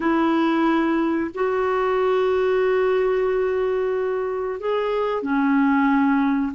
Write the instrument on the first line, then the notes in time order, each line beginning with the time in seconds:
clarinet
0.00 E4
1.34 F#4
4.60 G#4
5.22 C#4